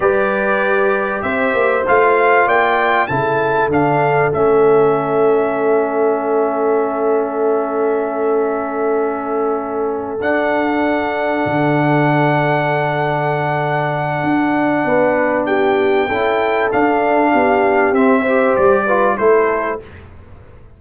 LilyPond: <<
  \new Staff \with { instrumentName = "trumpet" } { \time 4/4 \tempo 4 = 97 d''2 e''4 f''4 | g''4 a''4 f''4 e''4~ | e''1~ | e''1~ |
e''8 fis''2.~ fis''8~ | fis''1~ | fis''4 g''2 f''4~ | f''4 e''4 d''4 c''4 | }
  \new Staff \with { instrumentName = "horn" } { \time 4/4 b'2 c''2 | d''4 a'2.~ | a'1~ | a'1~ |
a'1~ | a'1 | b'4 g'4 a'2 | g'4. c''4 b'8 a'4 | }
  \new Staff \with { instrumentName = "trombone" } { \time 4/4 g'2. f'4~ | f'4 e'4 d'4 cis'4~ | cis'1~ | cis'1~ |
cis'8 d'2.~ d'8~ | d'1~ | d'2 e'4 d'4~ | d'4 c'8 g'4 f'8 e'4 | }
  \new Staff \with { instrumentName = "tuba" } { \time 4/4 g2 c'8 ais8 a4 | ais4 cis4 d4 a4~ | a1~ | a1~ |
a8 d'2 d4.~ | d2. d'4 | b2 cis'4 d'4 | b4 c'4 g4 a4 | }
>>